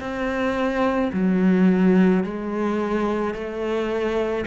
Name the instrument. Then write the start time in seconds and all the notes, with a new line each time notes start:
cello
0.00 C4
1.13 F#3
2.24 G#3
3.34 A3